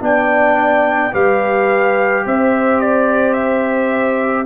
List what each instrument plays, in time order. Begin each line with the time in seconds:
0.00 tuba B3, trombone D4, horn D5, trumpet G5
1.12 tuba G3, trombone G4, horn B4, trumpet F5
2.25 tuba C4, horn C5, trumpet E5
2.80 trumpet D5
3.33 trumpet E5